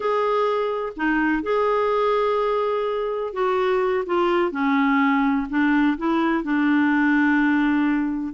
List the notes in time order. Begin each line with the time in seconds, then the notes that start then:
0.00 G#4
0.96 D#4
1.42 G#4
3.33 F#4
4.06 F4
4.51 C#4
5.49 D4
5.97 E4
6.43 D4